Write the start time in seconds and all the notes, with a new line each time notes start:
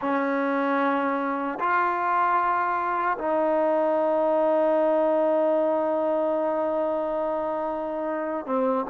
0.01 C#4
1.59 F4
3.18 D#4
8.46 C4